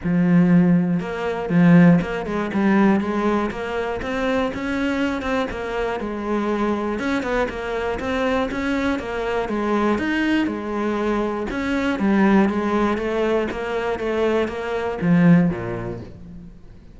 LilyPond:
\new Staff \with { instrumentName = "cello" } { \time 4/4 \tempo 4 = 120 f2 ais4 f4 | ais8 gis8 g4 gis4 ais4 | c'4 cis'4. c'8 ais4 | gis2 cis'8 b8 ais4 |
c'4 cis'4 ais4 gis4 | dis'4 gis2 cis'4 | g4 gis4 a4 ais4 | a4 ais4 f4 ais,4 | }